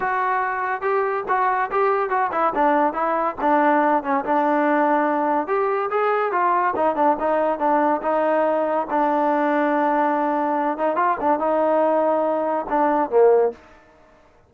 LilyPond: \new Staff \with { instrumentName = "trombone" } { \time 4/4 \tempo 4 = 142 fis'2 g'4 fis'4 | g'4 fis'8 e'8 d'4 e'4 | d'4. cis'8 d'2~ | d'4 g'4 gis'4 f'4 |
dis'8 d'8 dis'4 d'4 dis'4~ | dis'4 d'2.~ | d'4. dis'8 f'8 d'8 dis'4~ | dis'2 d'4 ais4 | }